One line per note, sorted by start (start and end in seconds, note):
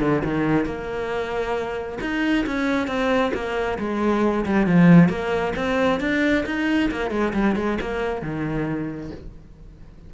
0.00 0.22 D3
0.24 0.65 D#3
0.65 1.98 A#3
2.01 2.45 D#4
2.46 2.87 C#4
2.87 3.32 C4
3.33 3.78 A#3
3.78 4.45 G#3
4.45 4.66 G3
4.66 5.09 F3
5.09 5.53 A#3
5.56 6.00 C4
6.00 6.44 D4
6.45 6.90 D#4
6.91 7.10 A#3
7.10 7.33 G#3
7.33 7.55 G3
7.56 7.78 G#3
7.81 8.22 A#3
8.22 9.11 D#3